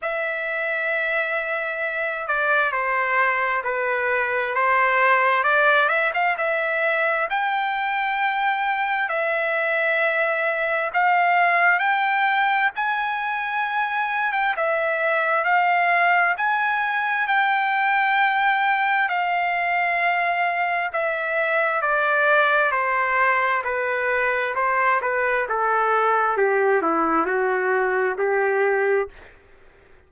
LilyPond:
\new Staff \with { instrumentName = "trumpet" } { \time 4/4 \tempo 4 = 66 e''2~ e''8 d''8 c''4 | b'4 c''4 d''8 e''16 f''16 e''4 | g''2 e''2 | f''4 g''4 gis''4.~ gis''16 g''16 |
e''4 f''4 gis''4 g''4~ | g''4 f''2 e''4 | d''4 c''4 b'4 c''8 b'8 | a'4 g'8 e'8 fis'4 g'4 | }